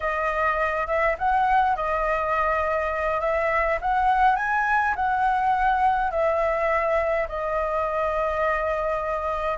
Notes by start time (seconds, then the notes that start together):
0.00 D#5
0.87 E5
1.18 F#5
1.76 D#5
3.20 E5
3.81 F#5
4.36 G#5
4.95 F#5
6.10 E5
7.28 D#5